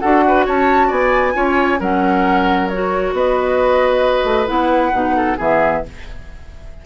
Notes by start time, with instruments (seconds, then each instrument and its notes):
0.00 bassoon D4, clarinet F#4, oboe A4, flute F#5
0.28 oboe B4
0.46 bassoon C#4, oboe C#5, flute A5
0.88 bassoon B3, oboe D5, flute G#5
1.33 bassoon C#4, clarinet F4, oboe C#5
1.80 bassoon F#3, clarinet C#4, oboe A#4, flute F#5
2.68 clarinet F#4, flute C#5
3.13 bassoon B3, oboe B4, flute D#5
4.24 bassoon A3
4.47 bassoon B3, clarinet E4, flute F#5
4.93 bassoon B2, clarinet D#4
5.17 oboe A4
5.37 bassoon E3, clarinet B3, oboe G#4, flute E5